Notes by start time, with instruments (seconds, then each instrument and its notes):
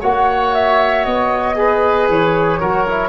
0.00 tuba A#3, trombone F#4, oboe C#5, flute F#5
0.54 flute E5
1.04 tuba B3, flute D#5
1.55 trombone G#4, oboe B4
2.08 tuba E3, flute C#5
2.60 tuba F#3, trombone F#4, oboe A#4
2.87 trombone E4